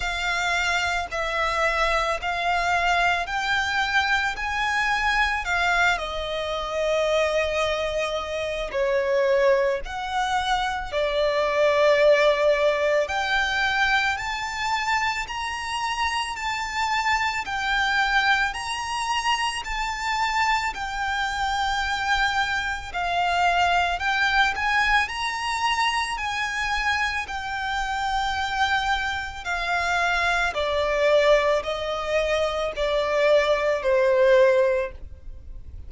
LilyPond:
\new Staff \with { instrumentName = "violin" } { \time 4/4 \tempo 4 = 55 f''4 e''4 f''4 g''4 | gis''4 f''8 dis''2~ dis''8 | cis''4 fis''4 d''2 | g''4 a''4 ais''4 a''4 |
g''4 ais''4 a''4 g''4~ | g''4 f''4 g''8 gis''8 ais''4 | gis''4 g''2 f''4 | d''4 dis''4 d''4 c''4 | }